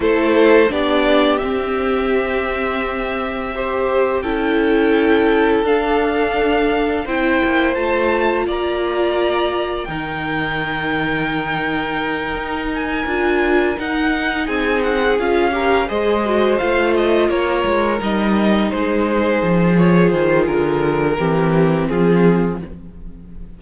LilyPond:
<<
  \new Staff \with { instrumentName = "violin" } { \time 4/4 \tempo 4 = 85 c''4 d''4 e''2~ | e''2 g''2 | f''2 g''4 a''4 | ais''2 g''2~ |
g''2 gis''4. fis''8~ | fis''8 gis''8 fis''8 f''4 dis''4 f''8 | dis''8 cis''4 dis''4 c''4. | cis''8 c''8 ais'2 gis'4 | }
  \new Staff \with { instrumentName = "violin" } { \time 4/4 a'4 g'2.~ | g'4 c''4 a'2~ | a'2 c''2 | d''2 ais'2~ |
ais'1~ | ais'8 gis'4. ais'8 c''4.~ | c''8 ais'2 gis'4.~ | gis'2 g'4 f'4 | }
  \new Staff \with { instrumentName = "viola" } { \time 4/4 e'4 d'4 c'2~ | c'4 g'4 e'2 | d'2 e'4 f'4~ | f'2 dis'2~ |
dis'2~ dis'8 f'4 dis'8~ | dis'4. f'8 g'8 gis'8 fis'8 f'8~ | f'4. dis'2~ dis'8 | f'2 c'2 | }
  \new Staff \with { instrumentName = "cello" } { \time 4/4 a4 b4 c'2~ | c'2 cis'2 | d'2 c'8 ais8 a4 | ais2 dis2~ |
dis4. dis'4 d'4 dis'8~ | dis'8 c'4 cis'4 gis4 a8~ | a8 ais8 gis8 g4 gis4 f8~ | f8 dis8 d4 e4 f4 | }
>>